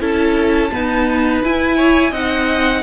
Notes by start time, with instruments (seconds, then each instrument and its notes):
0.00 cello C#4, viola E4, violin A4 A5
0.72 viola B3, cello D#4, violin B4
1.44 viola E4, cello E4, violin G#5
1.76 violin C#5
2.11 cello C4, viola D#4, violin D#5 F#5